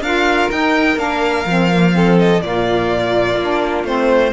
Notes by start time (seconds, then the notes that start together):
0.00 D4 F4 A#4 F5
0.51 D#4 G5
0.97 A#3 D4 F5
1.46 F3 C4
1.72 A#3
1.93 C4 A4
2.19 D#5
2.41 A#2 A#3 F4 D5
3.36 A#3 D4
3.84 A3 C4 C5